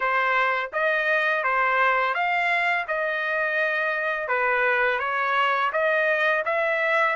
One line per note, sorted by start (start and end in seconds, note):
0.00 0.70 C5
0.72 1.43 D#5
1.43 2.14 C5
2.14 2.85 F5
2.87 4.28 D#5
4.28 4.99 B4
4.99 5.70 C#5
5.72 6.43 D#5
6.45 7.16 E5